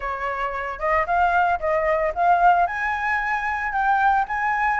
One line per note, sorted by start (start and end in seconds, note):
0.00 0.79 C#5
0.79 1.05 D#5
1.06 1.59 F5
1.59 2.12 D#5
2.14 2.66 F5
2.66 3.72 G#5
3.72 4.25 G5
4.28 4.79 G#5